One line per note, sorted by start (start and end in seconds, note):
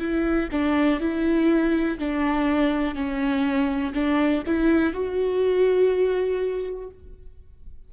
0.00 0.49 E4
0.52 1.01 D4
1.01 1.99 E4
1.99 2.95 D4
2.95 3.93 C#4
3.94 4.44 D4
4.47 4.94 E4
4.94 6.90 F#4